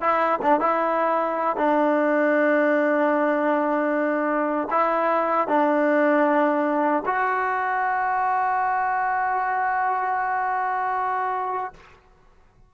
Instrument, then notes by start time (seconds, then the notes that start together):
trombone
0.00 E4
0.42 D4
0.60 E4
1.56 D4
4.70 E4
5.47 D4
7.06 F#4